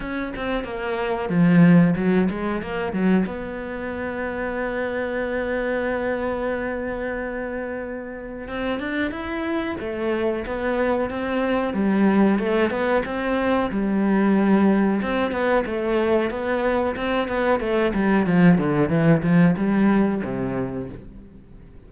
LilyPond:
\new Staff \with { instrumentName = "cello" } { \time 4/4 \tempo 4 = 92 cis'8 c'8 ais4 f4 fis8 gis8 | ais8 fis8 b2.~ | b1~ | b4 c'8 d'8 e'4 a4 |
b4 c'4 g4 a8 b8 | c'4 g2 c'8 b8 | a4 b4 c'8 b8 a8 g8 | f8 d8 e8 f8 g4 c4 | }